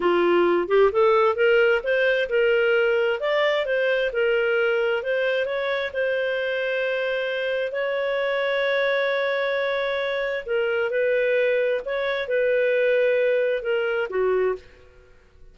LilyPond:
\new Staff \with { instrumentName = "clarinet" } { \time 4/4 \tempo 4 = 132 f'4. g'8 a'4 ais'4 | c''4 ais'2 d''4 | c''4 ais'2 c''4 | cis''4 c''2.~ |
c''4 cis''2.~ | cis''2. ais'4 | b'2 cis''4 b'4~ | b'2 ais'4 fis'4 | }